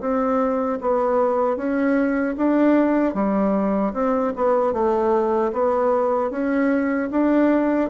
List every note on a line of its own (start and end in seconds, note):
0.00 0.79 C4
0.81 1.56 B3
1.56 2.35 C#4
2.37 3.14 D4
3.14 3.93 G3
3.93 4.33 C4
4.36 4.73 B3
4.73 5.52 A3
5.53 6.31 B3
6.31 7.09 C#4
7.11 7.89 D4